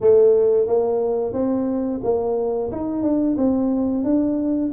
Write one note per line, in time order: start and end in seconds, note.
0.00 0.66 A3
0.66 1.33 A#3
1.33 2.00 C4
2.03 2.71 A#3
2.71 3.02 D#4
3.02 3.36 D4
3.37 4.04 C4
4.04 4.71 D4